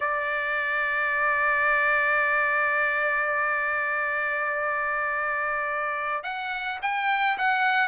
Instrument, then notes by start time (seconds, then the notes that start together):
trumpet
0.00 D5
6.23 F#5
6.82 G5
7.38 F#5